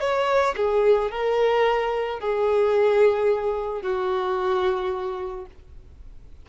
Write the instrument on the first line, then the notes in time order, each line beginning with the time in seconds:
violin
0.00 C#5
0.56 G#4
1.11 A#4
2.19 G#4
3.82 F#4